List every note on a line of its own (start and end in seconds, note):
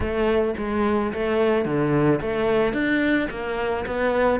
0.00 0.54 A3
0.57 1.12 G#3
1.13 1.65 A3
1.65 2.20 D3
2.21 2.73 A3
2.73 3.28 D4
3.30 3.85 A#3
3.86 4.39 B3